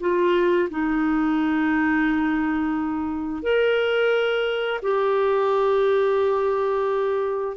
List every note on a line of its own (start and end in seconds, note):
0.00 0.69 F4
0.70 3.43 D#4
3.43 4.81 A#4
4.82 7.57 G4